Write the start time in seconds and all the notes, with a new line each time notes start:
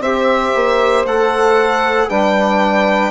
0.00 C4 G4 C5 E5
0.55 A#3
1.06 A3 A4 F#5
2.09 G3 D4 B4 G5